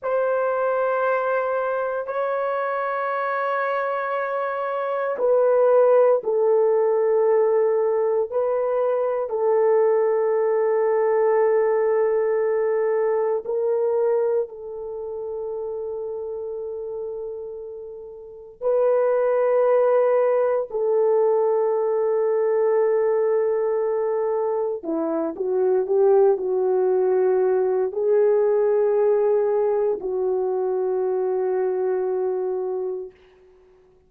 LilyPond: \new Staff \with { instrumentName = "horn" } { \time 4/4 \tempo 4 = 58 c''2 cis''2~ | cis''4 b'4 a'2 | b'4 a'2.~ | a'4 ais'4 a'2~ |
a'2 b'2 | a'1 | e'8 fis'8 g'8 fis'4. gis'4~ | gis'4 fis'2. | }